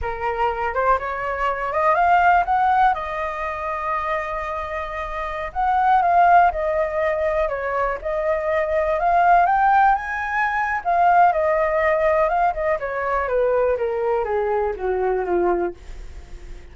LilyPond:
\new Staff \with { instrumentName = "flute" } { \time 4/4 \tempo 4 = 122 ais'4. c''8 cis''4. dis''8 | f''4 fis''4 dis''2~ | dis''2.~ dis''16 fis''8.~ | fis''16 f''4 dis''2 cis''8.~ |
cis''16 dis''2 f''4 g''8.~ | g''16 gis''4.~ gis''16 f''4 dis''4~ | dis''4 f''8 dis''8 cis''4 b'4 | ais'4 gis'4 fis'4 f'4 | }